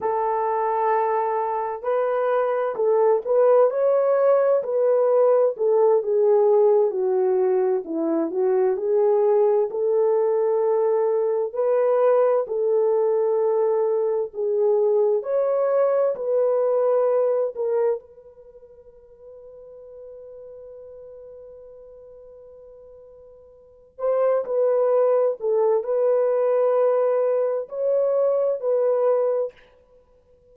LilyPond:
\new Staff \with { instrumentName = "horn" } { \time 4/4 \tempo 4 = 65 a'2 b'4 a'8 b'8 | cis''4 b'4 a'8 gis'4 fis'8~ | fis'8 e'8 fis'8 gis'4 a'4.~ | a'8 b'4 a'2 gis'8~ |
gis'8 cis''4 b'4. ais'8 b'8~ | b'1~ | b'2 c''8 b'4 a'8 | b'2 cis''4 b'4 | }